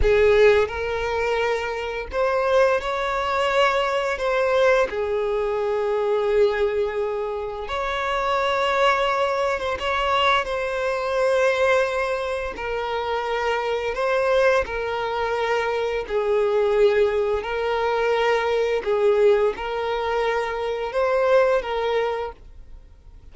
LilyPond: \new Staff \with { instrumentName = "violin" } { \time 4/4 \tempo 4 = 86 gis'4 ais'2 c''4 | cis''2 c''4 gis'4~ | gis'2. cis''4~ | cis''4.~ cis''16 c''16 cis''4 c''4~ |
c''2 ais'2 | c''4 ais'2 gis'4~ | gis'4 ais'2 gis'4 | ais'2 c''4 ais'4 | }